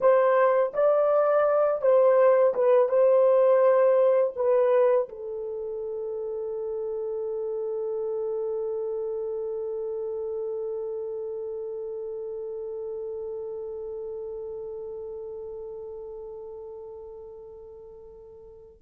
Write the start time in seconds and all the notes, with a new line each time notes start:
0.00 C5
0.73 D5
1.81 C5
2.54 B4
2.88 C5
4.35 B4
5.08 A4